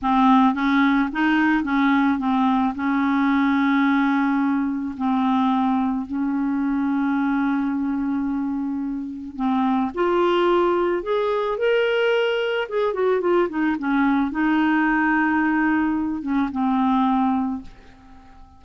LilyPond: \new Staff \with { instrumentName = "clarinet" } { \time 4/4 \tempo 4 = 109 c'4 cis'4 dis'4 cis'4 | c'4 cis'2.~ | cis'4 c'2 cis'4~ | cis'1~ |
cis'4 c'4 f'2 | gis'4 ais'2 gis'8 fis'8 | f'8 dis'8 cis'4 dis'2~ | dis'4. cis'8 c'2 | }